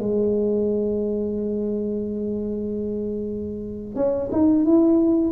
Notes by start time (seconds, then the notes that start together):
0.00 G#3
3.96 C#4
4.33 D#4
4.66 E4